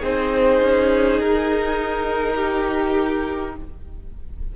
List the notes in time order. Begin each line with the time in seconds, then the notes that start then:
0.00 C4 D#4 G#4 C5
0.63 C#4
1.21 D#4 A#4
2.36 G4